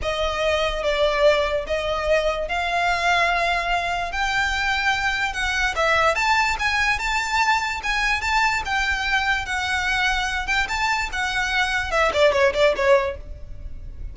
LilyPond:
\new Staff \with { instrumentName = "violin" } { \time 4/4 \tempo 4 = 146 dis''2 d''2 | dis''2 f''2~ | f''2 g''2~ | g''4 fis''4 e''4 a''4 |
gis''4 a''2 gis''4 | a''4 g''2 fis''4~ | fis''4. g''8 a''4 fis''4~ | fis''4 e''8 d''8 cis''8 d''8 cis''4 | }